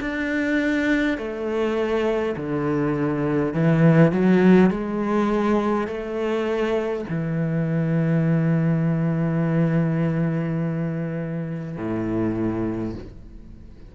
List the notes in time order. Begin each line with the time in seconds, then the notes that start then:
0.00 D4
1.18 A3
2.36 D3
3.53 E3
4.12 F#3
4.70 G#3
5.87 A3
7.09 E3
11.77 A2